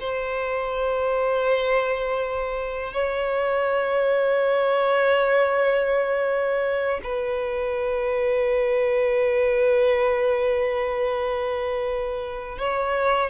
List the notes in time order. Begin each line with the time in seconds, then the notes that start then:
0.00 C5
2.93 C#5
7.04 B4
12.59 C#5